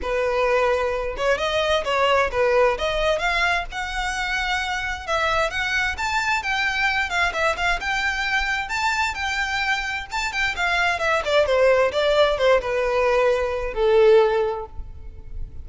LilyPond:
\new Staff \with { instrumentName = "violin" } { \time 4/4 \tempo 4 = 131 b'2~ b'8 cis''8 dis''4 | cis''4 b'4 dis''4 f''4 | fis''2. e''4 | fis''4 a''4 g''4. f''8 |
e''8 f''8 g''2 a''4 | g''2 a''8 g''8 f''4 | e''8 d''8 c''4 d''4 c''8 b'8~ | b'2 a'2 | }